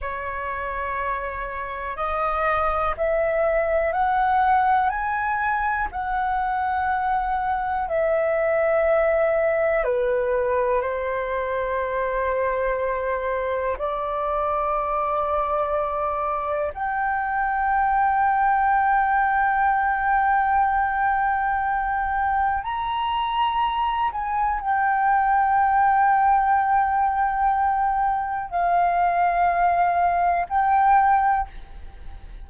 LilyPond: \new Staff \with { instrumentName = "flute" } { \time 4/4 \tempo 4 = 61 cis''2 dis''4 e''4 | fis''4 gis''4 fis''2 | e''2 b'4 c''4~ | c''2 d''2~ |
d''4 g''2.~ | g''2. ais''4~ | ais''8 gis''8 g''2.~ | g''4 f''2 g''4 | }